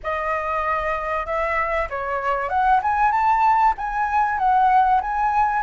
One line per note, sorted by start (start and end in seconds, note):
0.03 1.26 D#5
1.26 1.88 E5
1.89 2.49 C#5
2.49 2.80 F#5
2.82 3.11 G#5
3.11 3.74 A5
3.77 4.38 G#5
4.38 5.01 F#5
5.01 5.62 G#5